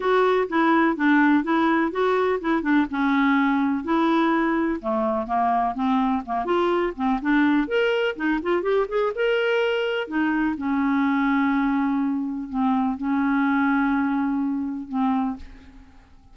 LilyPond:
\new Staff \with { instrumentName = "clarinet" } { \time 4/4 \tempo 4 = 125 fis'4 e'4 d'4 e'4 | fis'4 e'8 d'8 cis'2 | e'2 a4 ais4 | c'4 ais8 f'4 c'8 d'4 |
ais'4 dis'8 f'8 g'8 gis'8 ais'4~ | ais'4 dis'4 cis'2~ | cis'2 c'4 cis'4~ | cis'2. c'4 | }